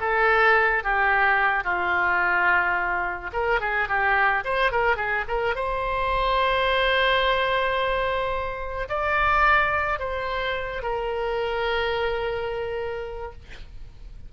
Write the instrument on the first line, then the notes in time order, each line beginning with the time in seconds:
oboe
0.00 A4
0.84 G4
1.64 F4
3.33 A#4
3.60 G#4
3.88 G4
4.44 C5
4.71 A#4
4.96 G#4
5.28 A#4
5.55 C5
8.89 D5
9.99 C5
10.82 A#4